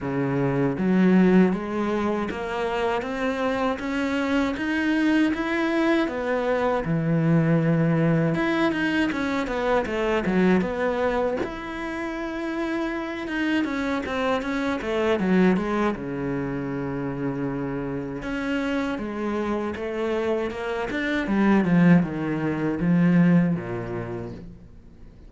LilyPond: \new Staff \with { instrumentName = "cello" } { \time 4/4 \tempo 4 = 79 cis4 fis4 gis4 ais4 | c'4 cis'4 dis'4 e'4 | b4 e2 e'8 dis'8 | cis'8 b8 a8 fis8 b4 e'4~ |
e'4. dis'8 cis'8 c'8 cis'8 a8 | fis8 gis8 cis2. | cis'4 gis4 a4 ais8 d'8 | g8 f8 dis4 f4 ais,4 | }